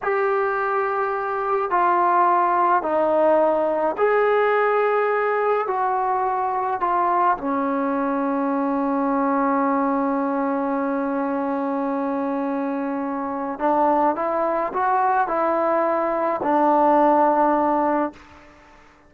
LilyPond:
\new Staff \with { instrumentName = "trombone" } { \time 4/4 \tempo 4 = 106 g'2. f'4~ | f'4 dis'2 gis'4~ | gis'2 fis'2 | f'4 cis'2.~ |
cis'1~ | cis'1 | d'4 e'4 fis'4 e'4~ | e'4 d'2. | }